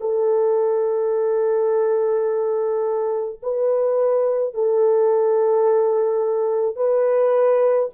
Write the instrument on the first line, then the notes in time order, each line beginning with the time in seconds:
horn
0.00 A4
3.43 B4
4.54 A4
6.76 B4